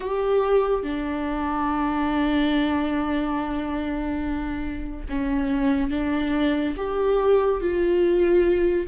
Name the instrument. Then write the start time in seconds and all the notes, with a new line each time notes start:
viola
0.00 G4
0.83 D4
5.09 C#4
5.90 D4
6.76 G4
7.60 F4